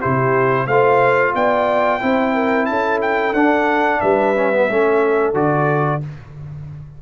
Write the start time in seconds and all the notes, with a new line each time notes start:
0.00 C3 E4 G4 C5
0.65 A3 F4 C5 F5
1.34 B3 D5 G5
2.00 C4 E4 C5
2.34 A#4
2.66 C#4 A4 A5
3.02 G5
3.33 D4 F#5
4.00 G3 B4 E5
4.36 C#4
4.52 B3
4.68 A3 C#4 A4
5.33 D3 F#4 D5